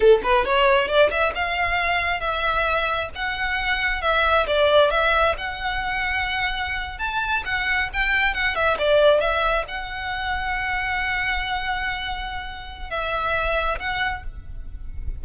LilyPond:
\new Staff \with { instrumentName = "violin" } { \time 4/4 \tempo 4 = 135 a'8 b'8 cis''4 d''8 e''8 f''4~ | f''4 e''2 fis''4~ | fis''4 e''4 d''4 e''4 | fis''2.~ fis''8. a''16~ |
a''8. fis''4 g''4 fis''8 e''8 d''16~ | d''8. e''4 fis''2~ fis''16~ | fis''1~ | fis''4 e''2 fis''4 | }